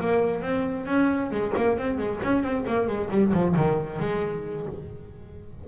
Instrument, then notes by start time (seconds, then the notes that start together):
double bass
0.00 A#3
0.42 C4
0.86 C#4
1.31 G#3
1.57 A#3
1.78 C4
1.98 G#3
2.23 C#4
2.43 C4
2.67 A#3
2.87 G#3
3.10 G3
3.33 F3
3.55 D#3
3.99 G#3